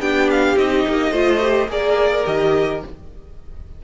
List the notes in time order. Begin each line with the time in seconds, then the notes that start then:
0.00 B3 D4 G4 G5
0.31 F5
0.57 C4 D#4 D#5
0.88 A#3
1.12 A3 F4 C5
1.40 G4
1.68 A#3 G#4 A#4 D5
2.25 D#3 G4 D#5